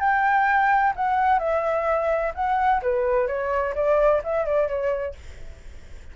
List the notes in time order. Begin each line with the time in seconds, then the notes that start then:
0.00 G5
0.96 F#5
1.39 E5
2.35 F#5
2.83 B4
3.28 C#5
3.75 D5
4.24 E5
4.46 D5
4.68 C#5